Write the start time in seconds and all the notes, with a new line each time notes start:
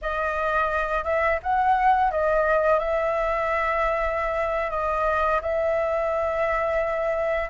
0.01 D#5
1.04 E5
1.42 F#5
2.11 D#5
2.79 E5
4.70 D#5
5.41 E5